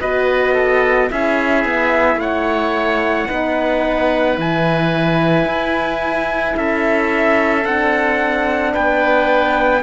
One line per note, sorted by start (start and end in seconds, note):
0.00 1.10 B3
0.00 1.10 F#4
0.00 0.54 B4
0.00 1.10 D#5
0.54 1.08 A4
1.10 1.65 C#4
1.10 3.26 E4
1.10 2.21 G#4
1.10 2.20 E5
1.65 2.16 B3
2.16 3.25 A3
2.16 3.28 C#5
2.16 4.38 F#5
3.26 4.37 B3
3.26 4.34 D#4
3.26 6.55 B4
4.34 5.45 E3
4.34 7.61 E4
4.34 6.57 G#5
5.45 6.54 E4
6.57 7.65 C#4
6.57 8.73 A4
6.57 7.65 E5
7.65 8.74 C4
7.65 9.83 D4
7.65 8.74 F#5
8.73 9.83 B3
8.73 9.82 B4
8.73 9.83 G5